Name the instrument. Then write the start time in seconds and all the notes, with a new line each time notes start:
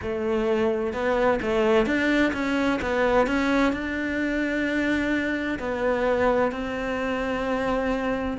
cello
0.01 A3
0.93 B3
1.42 A3
1.86 D4
2.33 C#4
2.81 B3
3.26 C#4
3.72 D4
5.59 B3
6.51 C4